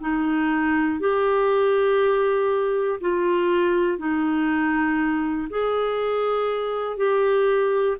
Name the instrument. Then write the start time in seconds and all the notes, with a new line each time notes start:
clarinet
0.00 D#4
1.00 G4
3.00 F4
3.98 D#4
5.50 G#4
6.97 G4